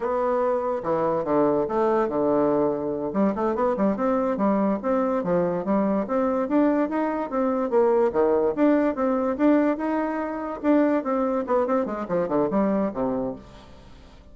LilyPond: \new Staff \with { instrumentName = "bassoon" } { \time 4/4 \tempo 4 = 144 b2 e4 d4 | a4 d2~ d8 g8 | a8 b8 g8 c'4 g4 c'8~ | c'8 f4 g4 c'4 d'8~ |
d'8 dis'4 c'4 ais4 dis8~ | dis8 d'4 c'4 d'4 dis'8~ | dis'4. d'4 c'4 b8 | c'8 gis8 f8 d8 g4 c4 | }